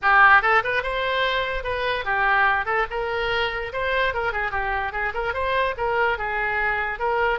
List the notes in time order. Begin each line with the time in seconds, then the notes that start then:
0.02 G4
0.42 A4
0.63 B4
0.82 C5
1.63 B4
2.04 G4
2.65 A4
2.90 A#4
3.72 C5
4.13 A#4
4.32 G#4
4.51 G4
4.92 G#4
5.14 A#4
5.33 C5
5.77 A#4
6.18 G#4
6.99 A#4